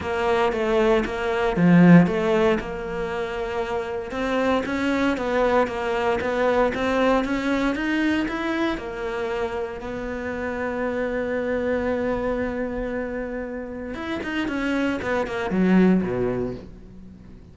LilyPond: \new Staff \with { instrumentName = "cello" } { \time 4/4 \tempo 4 = 116 ais4 a4 ais4 f4 | a4 ais2. | c'4 cis'4 b4 ais4 | b4 c'4 cis'4 dis'4 |
e'4 ais2 b4~ | b1~ | b2. e'8 dis'8 | cis'4 b8 ais8 fis4 b,4 | }